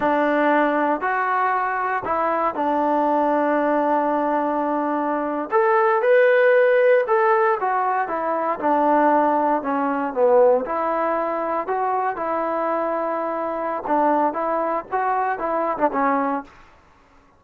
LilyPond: \new Staff \with { instrumentName = "trombone" } { \time 4/4 \tempo 4 = 117 d'2 fis'2 | e'4 d'2.~ | d'2~ d'8. a'4 b'16~ | b'4.~ b'16 a'4 fis'4 e'16~ |
e'8. d'2 cis'4 b16~ | b8. e'2 fis'4 e'16~ | e'2. d'4 | e'4 fis'4 e'8. d'16 cis'4 | }